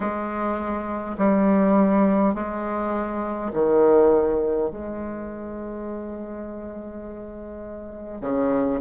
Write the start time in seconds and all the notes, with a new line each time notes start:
0.00 G#3
1.18 G3
2.34 G#3
3.53 D#3
4.71 G#3
8.21 C#3